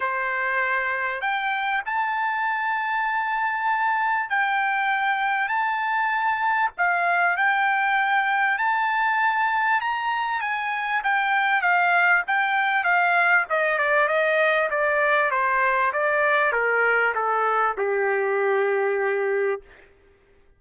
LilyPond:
\new Staff \with { instrumentName = "trumpet" } { \time 4/4 \tempo 4 = 98 c''2 g''4 a''4~ | a''2. g''4~ | g''4 a''2 f''4 | g''2 a''2 |
ais''4 gis''4 g''4 f''4 | g''4 f''4 dis''8 d''8 dis''4 | d''4 c''4 d''4 ais'4 | a'4 g'2. | }